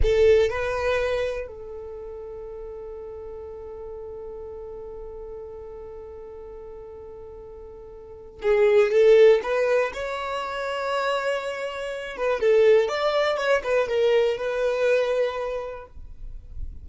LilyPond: \new Staff \with { instrumentName = "violin" } { \time 4/4 \tempo 4 = 121 a'4 b'2 a'4~ | a'1~ | a'1~ | a'1~ |
a'4 gis'4 a'4 b'4 | cis''1~ | cis''8 b'8 a'4 d''4 cis''8 b'8 | ais'4 b'2. | }